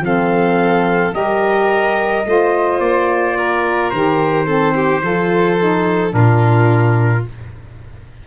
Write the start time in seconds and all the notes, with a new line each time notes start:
0.00 F3 C4 A4 F5
1.12 G3 G4 A#4 D#5
2.25 A3 F4 C5
2.79 A#3 D5
3.37 A#4
3.90 D#3 G4 C5
4.45 C4 A4
4.75 G4
5.01 F3 F4 A4
5.59 D#4
6.09 A#2 D4 A#4
6.16 F4